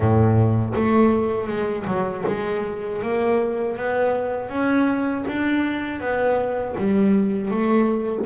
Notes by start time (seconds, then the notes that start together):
0.00 A2
0.75 A3
1.47 G#3
1.86 F#3
2.27 G#3
3.02 A#3
3.76 B3
4.49 C#4
5.27 D4
6.00 B3
6.77 G3
7.50 A3